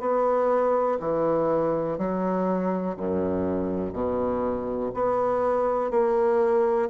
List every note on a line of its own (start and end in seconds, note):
0.00 0.98 B3
1.00 1.98 E3
1.98 2.96 F#3
2.96 3.93 F#2
3.93 4.91 B2
4.94 5.91 B3
5.91 6.89 A#3